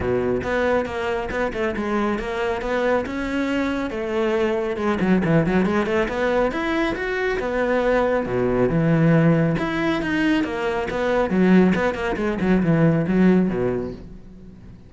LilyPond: \new Staff \with { instrumentName = "cello" } { \time 4/4 \tempo 4 = 138 b,4 b4 ais4 b8 a8 | gis4 ais4 b4 cis'4~ | cis'4 a2 gis8 fis8 | e8 fis8 gis8 a8 b4 e'4 |
fis'4 b2 b,4 | e2 e'4 dis'4 | ais4 b4 fis4 b8 ais8 | gis8 fis8 e4 fis4 b,4 | }